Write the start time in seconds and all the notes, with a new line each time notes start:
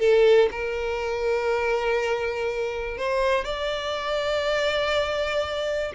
0.00 A4
0.51 A#4
2.98 C5
3.44 D5